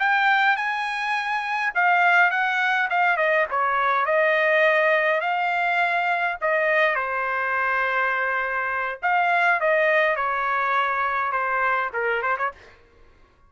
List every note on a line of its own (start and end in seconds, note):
0.00 0.57 G5
0.57 1.73 G#5
1.75 2.31 F5
2.31 2.89 F#5
2.90 3.17 F5
3.17 3.46 D#5
3.51 4.06 C#5
4.06 5.21 D#5
5.21 6.38 F5
6.42 6.96 D#5
6.96 9.00 C5
9.03 9.61 F5
9.61 10.16 D#5
10.16 11.32 C#5
11.32 11.91 C5
11.94 12.23 A#4
12.23 12.38 C5
12.38 12.52 C#5